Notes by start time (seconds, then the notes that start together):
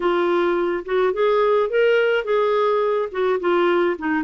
0.00 F4
0.85 F#4
1.13 G#4
1.69 A#4
2.24 G#4
3.11 F#4
3.40 F4
3.98 D#4